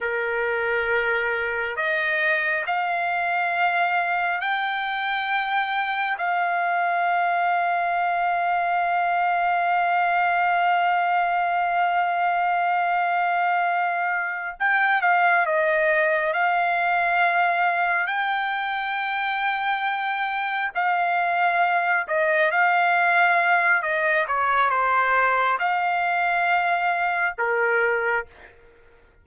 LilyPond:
\new Staff \with { instrumentName = "trumpet" } { \time 4/4 \tempo 4 = 68 ais'2 dis''4 f''4~ | f''4 g''2 f''4~ | f''1~ | f''1~ |
f''8 g''8 f''8 dis''4 f''4.~ | f''8 g''2. f''8~ | f''4 dis''8 f''4. dis''8 cis''8 | c''4 f''2 ais'4 | }